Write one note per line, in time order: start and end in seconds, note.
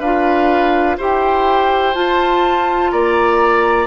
0.00 0.97 D4
0.00 0.99 F4
0.00 0.97 B4
0.00 0.97 F5
0.98 1.95 E4
0.98 1.95 G4
0.98 2.92 C5
0.98 1.95 G5
1.95 3.88 F4
1.95 2.92 F4
1.95 2.92 A5
2.92 3.88 A#3
2.92 3.88 D5
2.92 3.88 A#5